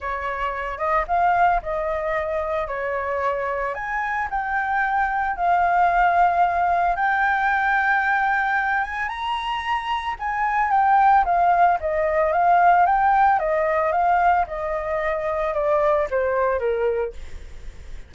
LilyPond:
\new Staff \with { instrumentName = "flute" } { \time 4/4 \tempo 4 = 112 cis''4. dis''8 f''4 dis''4~ | dis''4 cis''2 gis''4 | g''2 f''2~ | f''4 g''2.~ |
g''8 gis''8 ais''2 gis''4 | g''4 f''4 dis''4 f''4 | g''4 dis''4 f''4 dis''4~ | dis''4 d''4 c''4 ais'4 | }